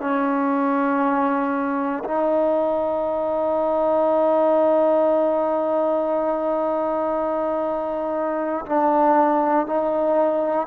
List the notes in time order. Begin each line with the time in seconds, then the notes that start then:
0.00 C#4
2.04 D#4
8.65 D4
9.66 D#4